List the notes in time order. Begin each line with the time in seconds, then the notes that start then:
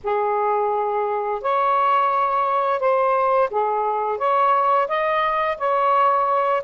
0.03 G#4
1.41 C#5
2.79 C5
3.50 G#4
4.17 C#5
4.87 D#5
5.58 C#5